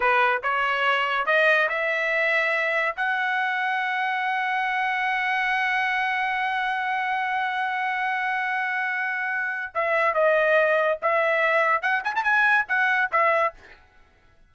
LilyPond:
\new Staff \with { instrumentName = "trumpet" } { \time 4/4 \tempo 4 = 142 b'4 cis''2 dis''4 | e''2. fis''4~ | fis''1~ | fis''1~ |
fis''1~ | fis''2. e''4 | dis''2 e''2 | fis''8 gis''16 a''16 gis''4 fis''4 e''4 | }